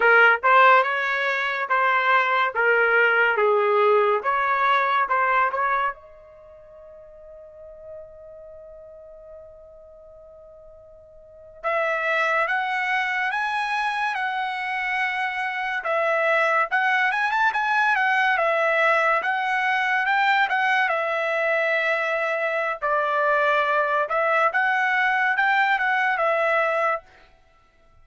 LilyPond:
\new Staff \with { instrumentName = "trumpet" } { \time 4/4 \tempo 4 = 71 ais'8 c''8 cis''4 c''4 ais'4 | gis'4 cis''4 c''8 cis''8 dis''4~ | dis''1~ | dis''4.~ dis''16 e''4 fis''4 gis''16~ |
gis''8. fis''2 e''4 fis''16~ | fis''16 gis''16 a''16 gis''8 fis''8 e''4 fis''4 g''16~ | g''16 fis''8 e''2~ e''16 d''4~ | d''8 e''8 fis''4 g''8 fis''8 e''4 | }